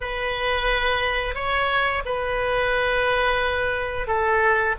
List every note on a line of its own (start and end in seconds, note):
0.01 1.35 B4
1.35 2.03 C#5
2.05 4.07 B4
4.07 4.75 A4